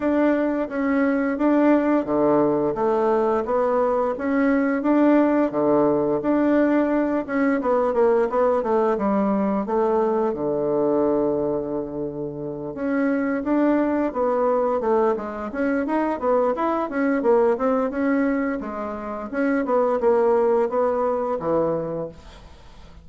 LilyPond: \new Staff \with { instrumentName = "bassoon" } { \time 4/4 \tempo 4 = 87 d'4 cis'4 d'4 d4 | a4 b4 cis'4 d'4 | d4 d'4. cis'8 b8 ais8 | b8 a8 g4 a4 d4~ |
d2~ d8 cis'4 d'8~ | d'8 b4 a8 gis8 cis'8 dis'8 b8 | e'8 cis'8 ais8 c'8 cis'4 gis4 | cis'8 b8 ais4 b4 e4 | }